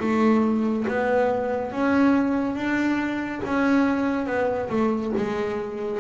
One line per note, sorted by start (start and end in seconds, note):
0.00 0.86 A3
0.88 1.72 B3
1.72 2.56 C#4
2.56 3.41 D4
3.45 4.27 C#4
4.27 4.69 B3
4.69 5.12 A3
5.17 6.00 G#3